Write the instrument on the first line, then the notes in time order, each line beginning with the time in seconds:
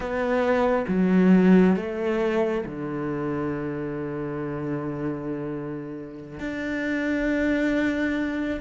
cello
0.00 B3
0.87 F#3
1.76 A3
2.65 D3
6.39 D4